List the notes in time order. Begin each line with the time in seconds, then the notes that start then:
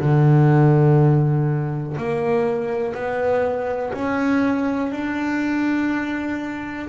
0.00 D3
1.97 A#3
2.95 B3
3.93 C#4
4.92 D4